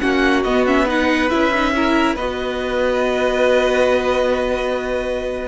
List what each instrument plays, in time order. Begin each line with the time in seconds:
0.00 cello A#3, viola C#4, violin F#4 F#5
0.43 cello B3, viola B3, violin D#5
0.67 viola C#4, violin E5
0.86 viola D#4, violin B4 F#5
1.30 cello C#4, viola E4, violin E5
1.54 viola D#4
1.75 viola E4, violin A#4
2.15 cello B3, viola F#4, violin B4 D#5